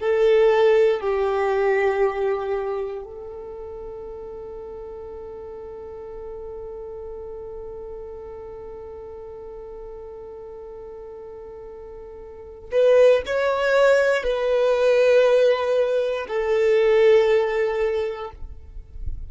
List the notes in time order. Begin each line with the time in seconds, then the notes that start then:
0.00 A4
1.00 G4
3.04 A4
12.71 B4
13.26 C#5
14.23 B4
16.27 A4